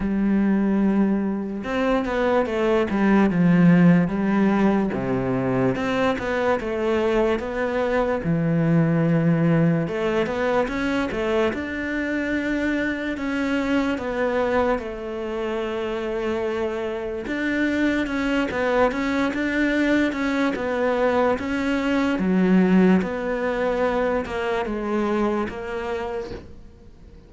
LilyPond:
\new Staff \with { instrumentName = "cello" } { \time 4/4 \tempo 4 = 73 g2 c'8 b8 a8 g8 | f4 g4 c4 c'8 b8 | a4 b4 e2 | a8 b8 cis'8 a8 d'2 |
cis'4 b4 a2~ | a4 d'4 cis'8 b8 cis'8 d'8~ | d'8 cis'8 b4 cis'4 fis4 | b4. ais8 gis4 ais4 | }